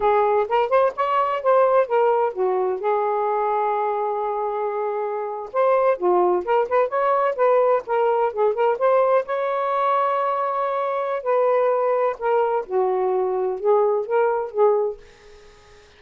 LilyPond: \new Staff \with { instrumentName = "saxophone" } { \time 4/4 \tempo 4 = 128 gis'4 ais'8 c''8 cis''4 c''4 | ais'4 fis'4 gis'2~ | gis'2.~ gis'8. c''16~ | c''8. f'4 ais'8 b'8 cis''4 b'16~ |
b'8. ais'4 gis'8 ais'8 c''4 cis''16~ | cis''1 | b'2 ais'4 fis'4~ | fis'4 gis'4 ais'4 gis'4 | }